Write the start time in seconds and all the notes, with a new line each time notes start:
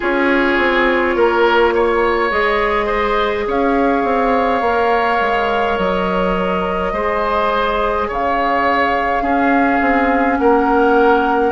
0.00 C#4 F4 G#4 C#5
0.57 C4
1.15 A#3 A#4
1.75 C#5
2.31 G#3 G#4 D#5
2.86 C5
3.47 C#4 C#5 F5
4.04 C4
4.60 A#3 A#4
5.20 G#3
5.78 F#3 D#5
6.93 G#3 G#4 C5
8.08 C#3 C#5 F5
9.21 C#4 G#4
9.81 C4
10.38 A#3 A#4 F#5